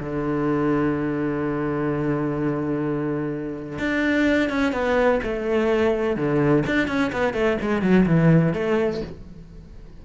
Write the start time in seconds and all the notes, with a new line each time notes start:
0.00 D3
3.79 D4
4.50 C#4
4.73 B3
5.24 A3
6.16 D3
6.67 D4
6.88 C#4
7.13 B3
7.34 A3
7.61 G#3
7.82 F#3
8.06 E3
8.53 A3